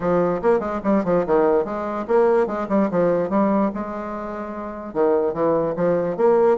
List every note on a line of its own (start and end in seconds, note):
0.00 0.41 F3
0.42 0.59 A#3
0.59 0.80 G#3
0.83 1.04 G3
1.04 1.25 F3
1.26 1.64 D#3
1.64 2.05 G#3
2.07 2.46 A#3
2.46 2.67 G#3
2.69 2.89 G3
2.90 3.29 F3
3.29 3.70 G3
3.74 4.93 G#3
4.93 5.33 D#3
5.33 5.74 E3
5.76 6.16 F3
6.16 6.57 A#3